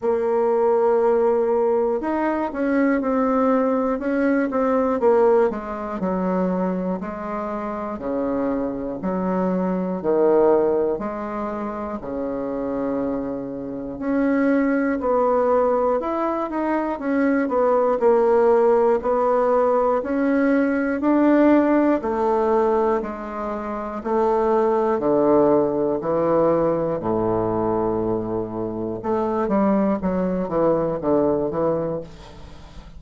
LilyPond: \new Staff \with { instrumentName = "bassoon" } { \time 4/4 \tempo 4 = 60 ais2 dis'8 cis'8 c'4 | cis'8 c'8 ais8 gis8 fis4 gis4 | cis4 fis4 dis4 gis4 | cis2 cis'4 b4 |
e'8 dis'8 cis'8 b8 ais4 b4 | cis'4 d'4 a4 gis4 | a4 d4 e4 a,4~ | a,4 a8 g8 fis8 e8 d8 e8 | }